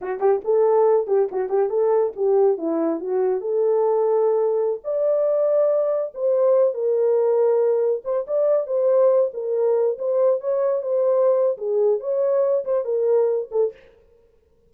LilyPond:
\new Staff \with { instrumentName = "horn" } { \time 4/4 \tempo 4 = 140 fis'8 g'8 a'4. g'8 fis'8 g'8 | a'4 g'4 e'4 fis'4 | a'2.~ a'16 d''8.~ | d''2~ d''16 c''4. ais'16~ |
ais'2~ ais'8. c''8 d''8.~ | d''16 c''4. ais'4. c''8.~ | c''16 cis''4 c''4.~ c''16 gis'4 | cis''4. c''8 ais'4. a'8 | }